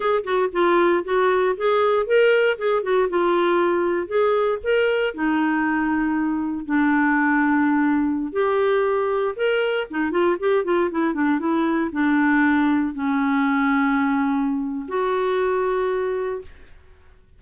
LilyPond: \new Staff \with { instrumentName = "clarinet" } { \time 4/4 \tempo 4 = 117 gis'8 fis'8 f'4 fis'4 gis'4 | ais'4 gis'8 fis'8 f'2 | gis'4 ais'4 dis'2~ | dis'4 d'2.~ |
d'16 g'2 ais'4 dis'8 f'16~ | f'16 g'8 f'8 e'8 d'8 e'4 d'8.~ | d'4~ d'16 cis'2~ cis'8.~ | cis'4 fis'2. | }